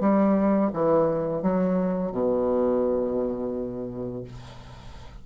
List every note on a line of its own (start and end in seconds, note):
0.00 0.71 G3
0.73 1.42 E3
1.42 2.11 F#3
2.11 4.23 B2